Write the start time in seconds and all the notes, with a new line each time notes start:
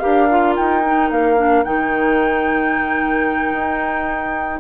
0.00 D4 G4 A#4 F5
0.30 F4
0.57 D#4 G5
0.84 D#4
1.11 A#3 F5
1.37 D4
1.64 D#3 D#4 G5
3.53 D#4